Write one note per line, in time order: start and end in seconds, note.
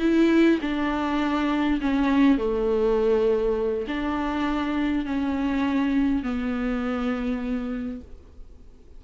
0.00 0.59 E4
0.62 1.81 D4
1.81 2.38 C#4
2.38 3.87 A3
3.88 5.06 D4
5.06 6.23 C#4
6.23 8.01 B3